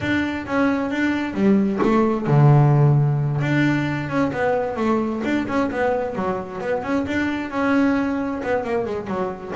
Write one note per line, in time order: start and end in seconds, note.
0.00 0.46 D4
0.46 0.90 C#4
0.90 1.34 D4
1.34 1.79 G3
1.82 2.26 A3
2.26 3.40 D3
3.40 4.09 D4
4.09 4.31 C#4
4.32 4.76 B3
4.76 5.21 A3
5.24 5.47 D4
5.47 5.70 C#4
5.70 6.15 B3
6.15 6.60 F#3
6.60 6.83 B3
6.83 7.06 C#4
7.07 7.50 D4
7.50 8.41 C#4
8.43 8.64 B3
8.64 8.85 A#3
8.85 9.07 G#3
9.07 9.52 F#3